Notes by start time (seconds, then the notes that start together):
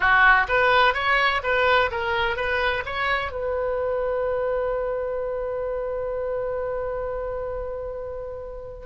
0.00 F#4
0.48 B4
0.94 C#5
1.43 B4
1.91 A#4
2.36 B4
2.85 C#5
3.31 B4